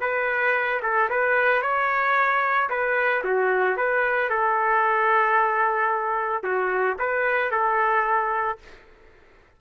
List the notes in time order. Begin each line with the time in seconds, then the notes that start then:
0.00 B4
0.82 A4
1.09 B4
1.62 C#5
2.69 B4
3.24 F#4
3.76 B4
4.29 A4
6.43 F#4
6.99 B4
7.51 A4